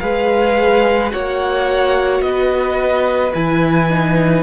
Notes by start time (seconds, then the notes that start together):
0.00 G#3 G#4 B4 F5
1.11 A#3 F#4 C#5 F#5
2.21 B3 D#5
2.28 B4
3.34 E3 E4 G#5
3.90 D#4